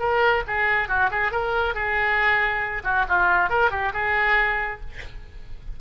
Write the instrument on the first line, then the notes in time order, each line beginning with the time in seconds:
oboe
0.00 A#4
0.48 G#4
0.89 F#4
1.11 G#4
1.32 A#4
1.75 G#4
2.84 F#4
3.08 F4
3.50 A#4
3.71 G4
3.94 G#4